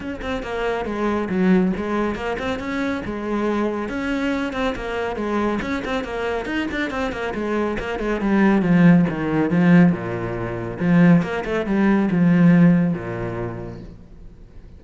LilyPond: \new Staff \with { instrumentName = "cello" } { \time 4/4 \tempo 4 = 139 cis'8 c'8 ais4 gis4 fis4 | gis4 ais8 c'8 cis'4 gis4~ | gis4 cis'4. c'8 ais4 | gis4 cis'8 c'8 ais4 dis'8 d'8 |
c'8 ais8 gis4 ais8 gis8 g4 | f4 dis4 f4 ais,4~ | ais,4 f4 ais8 a8 g4 | f2 ais,2 | }